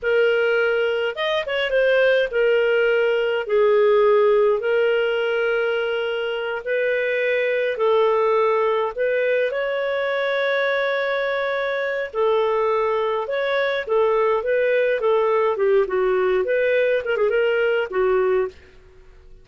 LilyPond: \new Staff \with { instrumentName = "clarinet" } { \time 4/4 \tempo 4 = 104 ais'2 dis''8 cis''8 c''4 | ais'2 gis'2 | ais'2.~ ais'8 b'8~ | b'4. a'2 b'8~ |
b'8 cis''2.~ cis''8~ | cis''4 a'2 cis''4 | a'4 b'4 a'4 g'8 fis'8~ | fis'8 b'4 ais'16 gis'16 ais'4 fis'4 | }